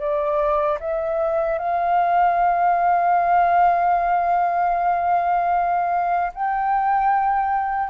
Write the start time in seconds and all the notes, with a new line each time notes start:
0.00 D5
0.80 E5
1.59 F5
6.34 G5